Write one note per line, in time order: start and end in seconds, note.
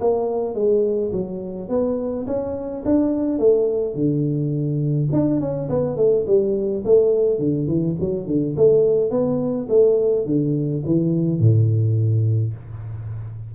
0.00 0.54 A#3
0.54 1.11 G#3
1.12 1.69 F#3
1.69 2.26 B3
2.26 2.84 C#4
2.85 3.39 D4
3.39 3.95 A3
3.95 5.09 D3
5.12 5.40 D4
5.40 5.69 C#4
5.69 5.96 B3
5.96 6.25 A3
6.26 6.84 G3
6.84 7.39 A3
7.39 7.67 D3
7.67 7.96 E3
8.00 8.26 F#3
8.26 8.55 D3
8.56 9.10 A3
9.10 9.68 B3
9.69 10.25 A3
10.25 10.83 D3
10.85 11.39 E3
11.39 12.54 A2